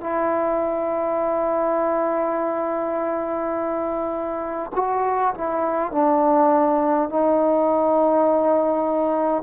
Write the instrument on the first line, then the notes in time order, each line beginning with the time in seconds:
trombone
0.00 E4
4.75 F#4
5.34 E4
5.91 D4
7.09 D#4